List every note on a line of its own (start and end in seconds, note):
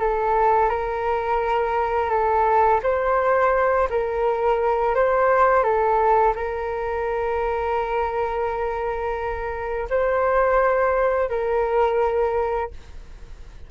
0.00 0.70 A4
0.70 2.10 A#4
2.10 2.81 A4
2.83 3.89 C5
3.90 4.95 A#4
4.95 5.64 C5
5.64 6.34 A4
6.36 9.89 A#4
9.90 11.30 C5
11.30 12.71 A#4